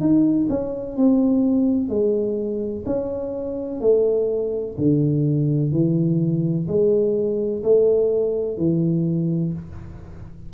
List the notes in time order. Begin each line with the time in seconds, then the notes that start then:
0.00 D#4
0.49 C#4
0.97 C4
1.89 G#3
2.86 C#4
3.81 A3
4.77 D3
5.71 E3
6.67 G#3
7.63 A3
8.58 E3